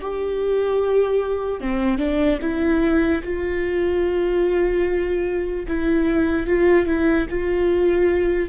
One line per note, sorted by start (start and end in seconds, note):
0.00 1.60 G4
1.60 1.98 C4
1.98 2.38 D4
2.41 3.22 E4
3.23 5.66 F4
5.67 6.46 E4
6.46 6.86 F4
6.86 7.26 E4
7.29 8.49 F4